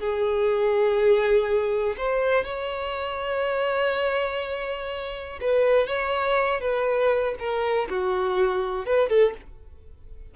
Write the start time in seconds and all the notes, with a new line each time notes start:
0.00 G#4
1.98 C5
2.45 C#5
5.41 B4
5.87 C#5
6.61 B4
7.39 A#4
7.90 F#4
8.86 B4
9.10 A4